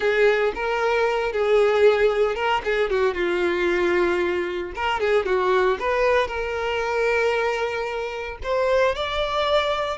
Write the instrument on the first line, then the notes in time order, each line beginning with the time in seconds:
violin
0.00 G#4
0.54 A#4
1.32 G#4
2.35 A#4
2.64 G#4
2.89 F#4
3.14 F4
4.75 A#4
5.00 G#4
5.25 F#4
5.79 B4
6.27 A#4
8.43 C5
8.95 D5